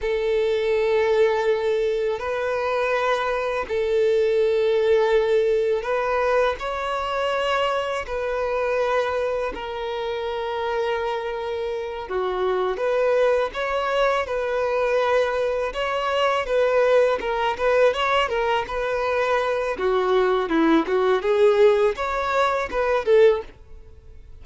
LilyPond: \new Staff \with { instrumentName = "violin" } { \time 4/4 \tempo 4 = 82 a'2. b'4~ | b'4 a'2. | b'4 cis''2 b'4~ | b'4 ais'2.~ |
ais'8 fis'4 b'4 cis''4 b'8~ | b'4. cis''4 b'4 ais'8 | b'8 cis''8 ais'8 b'4. fis'4 | e'8 fis'8 gis'4 cis''4 b'8 a'8 | }